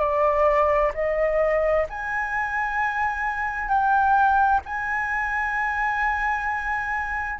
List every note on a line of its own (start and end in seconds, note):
0.00 0.92 D5
0.94 1.87 D#5
1.90 3.69 G#5
3.69 4.61 G5
4.66 7.40 G#5